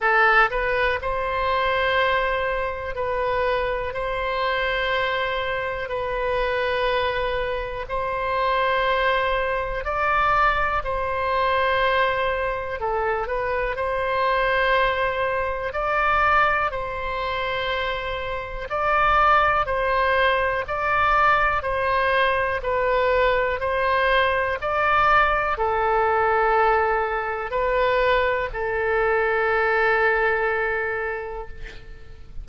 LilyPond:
\new Staff \with { instrumentName = "oboe" } { \time 4/4 \tempo 4 = 61 a'8 b'8 c''2 b'4 | c''2 b'2 | c''2 d''4 c''4~ | c''4 a'8 b'8 c''2 |
d''4 c''2 d''4 | c''4 d''4 c''4 b'4 | c''4 d''4 a'2 | b'4 a'2. | }